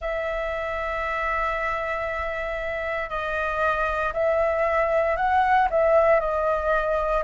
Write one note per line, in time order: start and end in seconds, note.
0.00 3.09 E5
3.09 4.12 D#5
4.13 5.16 E5
5.16 5.68 F#5
5.70 6.20 E5
6.20 7.23 D#5